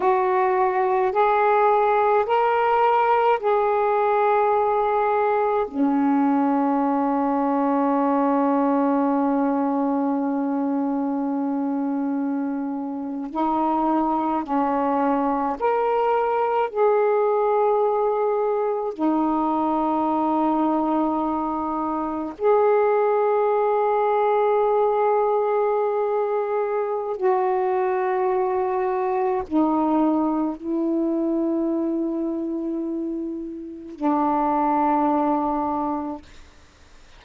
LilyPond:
\new Staff \with { instrumentName = "saxophone" } { \time 4/4 \tempo 4 = 53 fis'4 gis'4 ais'4 gis'4~ | gis'4 cis'2.~ | cis'2.~ cis'8. dis'16~ | dis'8. cis'4 ais'4 gis'4~ gis'16~ |
gis'8. dis'2. gis'16~ | gis'1 | fis'2 dis'4 e'4~ | e'2 d'2 | }